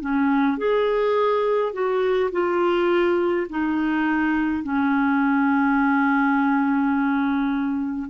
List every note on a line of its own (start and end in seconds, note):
0.00 0.58 C#4
0.58 1.73 G#4
1.73 2.30 F#4
2.31 3.47 F4
3.50 4.63 D#4
4.63 8.09 C#4